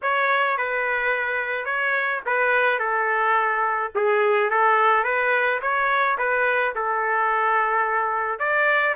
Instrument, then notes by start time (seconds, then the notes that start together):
trumpet
0.02 C#5
0.57 B4
1.65 C#5
2.26 B4
2.79 A4
3.95 G#4
4.50 A4
5.03 B4
5.61 C#5
6.18 B4
6.75 A4
8.39 D5